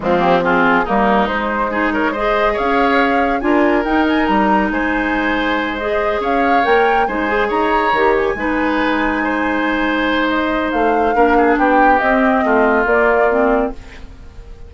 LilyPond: <<
  \new Staff \with { instrumentName = "flute" } { \time 4/4 \tempo 4 = 140 f'8 g'8 gis'4 ais'4 c''4~ | c''8 cis''8 dis''4 f''2 | gis''4 g''8 gis''8 ais''4 gis''4~ | gis''4. dis''4 f''4 g''8~ |
g''8 gis''4 ais''4. gis''4~ | gis''1 | dis''4 f''2 g''4 | dis''2 d''2 | }
  \new Staff \with { instrumentName = "oboe" } { \time 4/4 c'4 f'4 dis'2 | gis'8 ais'8 c''4 cis''2 | ais'2. c''4~ | c''2~ c''8 cis''4.~ |
cis''8 c''4 cis''2 b'8~ | b'4. c''2~ c''8~ | c''2 ais'8 gis'8 g'4~ | g'4 f'2. | }
  \new Staff \with { instrumentName = "clarinet" } { \time 4/4 gis8 ais8 c'4 ais4 gis4 | dis'4 gis'2. | f'4 dis'2.~ | dis'4. gis'2 ais'8~ |
ais'8 dis'8 gis'4. g'4 dis'8~ | dis'1~ | dis'2 d'2 | c'2 ais4 c'4 | }
  \new Staff \with { instrumentName = "bassoon" } { \time 4/4 f2 g4 gis4~ | gis2 cis'2 | d'4 dis'4 g4 gis4~ | gis2~ gis8 cis'4 ais8~ |
ais8 gis4 dis'4 dis4 gis8~ | gis1~ | gis4 a4 ais4 b4 | c'4 a4 ais2 | }
>>